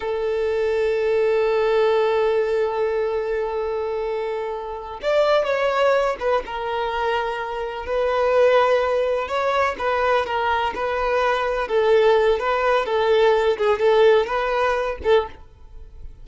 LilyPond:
\new Staff \with { instrumentName = "violin" } { \time 4/4 \tempo 4 = 126 a'1~ | a'1~ | a'2~ a'8 d''4 cis''8~ | cis''4 b'8 ais'2~ ais'8~ |
ais'8 b'2. cis''8~ | cis''8 b'4 ais'4 b'4.~ | b'8 a'4. b'4 a'4~ | a'8 gis'8 a'4 b'4. a'8 | }